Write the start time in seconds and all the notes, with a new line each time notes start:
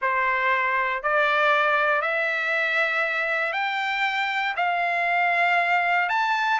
0.01 C5
1.02 D5
2.01 E5
3.52 G5
4.56 F5
6.09 A5